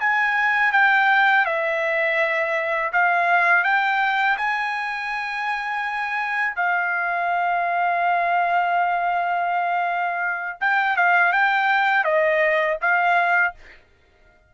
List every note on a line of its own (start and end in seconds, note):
0.00 0.73 G#5
0.73 1.46 G5
1.46 2.92 E5
2.93 3.65 F5
3.65 4.38 G5
4.38 6.56 G#5
6.56 10.59 F5
10.61 10.97 G5
10.97 11.33 F5
11.33 12.05 G5
12.05 12.78 D#5
12.82 13.55 F5